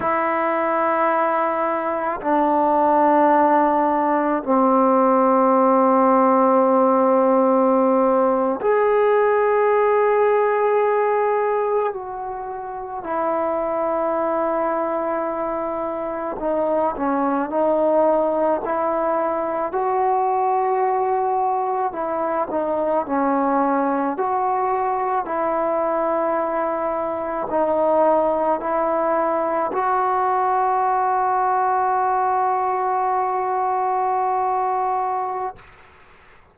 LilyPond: \new Staff \with { instrumentName = "trombone" } { \time 4/4 \tempo 4 = 54 e'2 d'2 | c'2.~ c'8. gis'16~ | gis'2~ gis'8. fis'4 e'16~ | e'2~ e'8. dis'8 cis'8 dis'16~ |
dis'8. e'4 fis'2 e'16~ | e'16 dis'8 cis'4 fis'4 e'4~ e'16~ | e'8. dis'4 e'4 fis'4~ fis'16~ | fis'1 | }